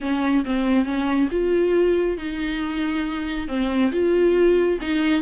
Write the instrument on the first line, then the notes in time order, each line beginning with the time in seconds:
viola
0.00 C#4
0.45 C4
0.85 C#4
1.31 F4
2.17 D#4
3.48 C4
3.92 F4
4.81 D#4